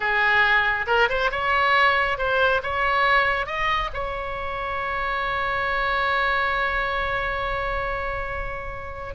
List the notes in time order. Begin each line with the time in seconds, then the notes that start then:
0.00 G#4
0.87 A#4
1.09 C5
1.31 C#5
2.18 C5
2.62 C#5
3.46 D#5
3.93 C#5